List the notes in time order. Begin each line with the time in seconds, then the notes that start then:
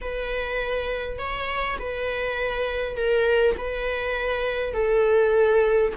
0.01 B4
1.18 C#5
1.79 B4
2.96 A#4
3.57 B4
4.73 A4